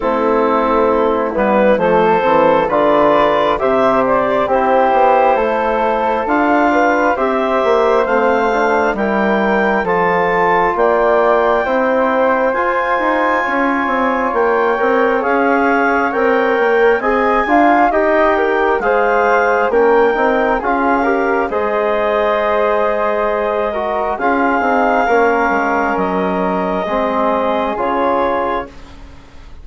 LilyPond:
<<
  \new Staff \with { instrumentName = "clarinet" } { \time 4/4 \tempo 4 = 67 a'4. b'8 c''4 d''4 | e''8 d''8 c''2 f''4 | e''4 f''4 g''4 a''4 | g''2 gis''2 |
g''4 f''4 g''4 gis''4 | g''4 f''4 g''4 f''4 | dis''2. f''4~ | f''4 dis''2 cis''4 | }
  \new Staff \with { instrumentName = "flute" } { \time 4/4 e'2 a'4 b'4 | c''4 g'4 a'4. b'8 | c''2 ais'4 a'4 | d''4 c''2 cis''4~ |
cis''2. dis''8 f''8 | dis''8 ais'8 c''4 ais'4 gis'8 ais'8 | c''2~ c''8 ais'8 gis'4 | ais'2 gis'2 | }
  \new Staff \with { instrumentName = "trombone" } { \time 4/4 c'4. b8 a8 c'8 f'4 | g'4 e'2 f'4 | g'4 c'8 d'8 e'4 f'4~ | f'4 e'4 f'2~ |
f'8 ais'8 gis'4 ais'4 gis'8 f'8 | g'4 gis'4 cis'8 dis'8 f'8 g'8 | gis'2~ gis'8 fis'8 f'8 dis'8 | cis'2 c'4 f'4 | }
  \new Staff \with { instrumentName = "bassoon" } { \time 4/4 a4. g8 f8 e8 d4 | c4 c'8 b8 a4 d'4 | c'8 ais8 a4 g4 f4 | ais4 c'4 f'8 dis'8 cis'8 c'8 |
ais8 c'8 cis'4 c'8 ais8 c'8 d'8 | dis'4 gis4 ais8 c'8 cis'4 | gis2. cis'8 c'8 | ais8 gis8 fis4 gis4 cis4 | }
>>